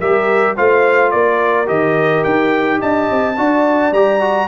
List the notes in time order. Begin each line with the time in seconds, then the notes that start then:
0.00 G3 G4 A#4 E5
0.57 A3 F4 C5 F5
1.11 A#3 A#4 D5
1.66 D#3 G4 D#5
2.24 D#4 G5
2.81 D4 D#5 A5
3.11 C4
3.37 D4 F#4 D5
3.92 G3 G4 A#5
4.21 F#4